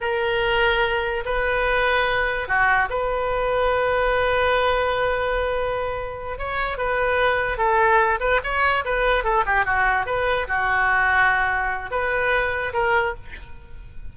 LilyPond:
\new Staff \with { instrumentName = "oboe" } { \time 4/4 \tempo 4 = 146 ais'2. b'4~ | b'2 fis'4 b'4~ | b'1~ | b'2.~ b'8 cis''8~ |
cis''8 b'2 a'4. | b'8 cis''4 b'4 a'8 g'8 fis'8~ | fis'8 b'4 fis'2~ fis'8~ | fis'4 b'2 ais'4 | }